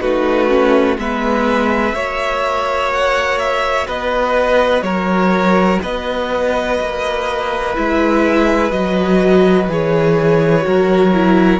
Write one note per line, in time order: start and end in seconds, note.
0.00 0.97 A3
0.00 0.48 D#4
0.00 0.97 F#4
0.00 0.97 B4
0.48 0.97 C#4
0.98 1.93 G#3
0.98 1.93 B3
0.98 1.94 B4
0.98 2.92 E5
1.93 3.87 A#3
1.93 7.73 F#4
1.93 3.87 C#5
2.92 3.38 F#5
3.38 3.86 E5
3.87 4.82 B3
3.87 4.83 B4
3.87 4.82 D#5
4.82 5.78 F#3
4.82 5.81 A#4
4.82 5.79 C#5
5.82 6.79 B3
5.82 10.66 B4
5.82 7.75 D#5
6.79 7.76 A#3
7.74 8.71 G#3
7.74 8.71 E4
7.74 8.71 E5
8.71 9.68 F#3
8.71 9.69 F#4
8.71 9.68 D#5
9.68 10.65 E3
9.68 10.61 G#4
9.68 11.60 C#5
10.61 11.60 F#3
10.61 11.09 F#4
10.61 11.60 A#4
11.13 11.60 E4